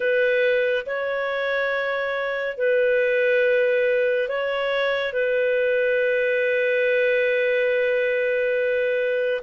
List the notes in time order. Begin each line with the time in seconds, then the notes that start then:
0.00 B4
0.86 C#5
2.57 B4
4.28 C#5
5.12 B4